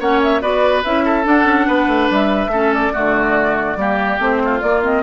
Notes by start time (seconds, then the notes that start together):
0.00 A#3 C#4 C#5 F#5
0.23 E5
0.41 B3 F#4 B4 D5
0.84 C#4 E4 E5
1.05 A4
1.24 D4 F#5
1.45 C#4
1.67 B3 B4
1.87 A3
2.10 G3 E5
2.47 A3 C#4 A4
2.74 D5
2.93 D3 A3 F#4
3.76 G3 A#3 G4
4.19 A3 C4 C5
4.44 F4
4.61 A#3 D5
4.83 C4 D#5